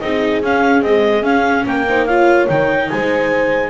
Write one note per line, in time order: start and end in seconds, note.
0.00 0.42 C4
0.00 0.43 D#4
0.00 1.67 G#4
0.00 0.41 D#5
0.42 0.82 C#4
0.42 0.85 C#4
0.42 0.83 F5
0.82 1.23 G#3
0.82 1.23 C4
0.82 1.24 D#5
1.23 1.64 C#4
1.23 1.85 C#4
1.23 1.65 F5
1.66 2.48 A#3
1.66 1.88 A#4
1.66 2.06 G5
1.88 2.09 D#4
1.88 2.07 C5
2.06 2.48 F4
2.06 2.89 C#5
2.06 2.47 F5
2.48 2.91 D#3
2.48 3.70 D#4
2.48 2.90 G5
2.90 3.70 G#3
2.90 3.70 C5
2.90 3.70 G#5